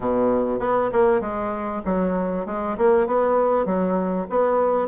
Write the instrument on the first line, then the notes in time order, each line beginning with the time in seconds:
bassoon
0.00 B2
0.59 B3
0.92 A#3
1.21 G#3
1.85 F#3
2.46 G#3
2.77 A#3
3.06 B3
3.65 F#3
4.29 B3